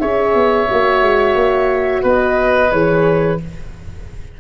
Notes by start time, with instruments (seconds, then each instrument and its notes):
0.00 tuba C#4, horn G#4, oboe C#5, flute E5
0.34 tuba B3
0.68 tuba A#3, horn F#4
1.02 tuba G#3
1.35 tuba A#3
2.03 tuba B3, oboe B4, flute D#5
2.72 tuba E3, horn G#4, flute C#5